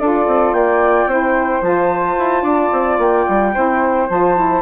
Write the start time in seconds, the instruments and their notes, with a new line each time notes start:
0.00 bassoon D4, saxophone F4, flute A4 D5
0.27 bassoon C4
0.53 bassoon A#3, flute D5 G5
1.07 bassoon C4, saxophone E4, flute C5
1.62 bassoon F3, saxophone F4, flute A5
2.19 bassoon E4
2.42 bassoon D4, flute D5
2.73 bassoon C4
2.99 bassoon A#3, flute G5
3.29 bassoon G3
3.54 bassoon C4, saxophone E4, flute C5
4.10 bassoon F3, saxophone F4, flute A5
4.36 saxophone E4